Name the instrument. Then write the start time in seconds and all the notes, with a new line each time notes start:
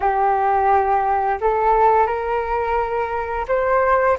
flute
0.00 G4
1.40 A4
2.06 A#4
3.48 C5